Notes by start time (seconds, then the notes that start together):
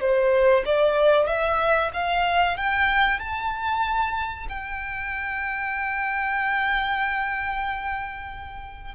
0.00 C5
0.65 D5
1.27 E5
1.94 F5
2.57 G5
3.19 A5
4.49 G5